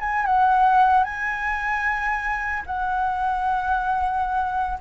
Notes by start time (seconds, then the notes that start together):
0.00 G#5
0.26 F#5
1.04 G#5
2.66 F#5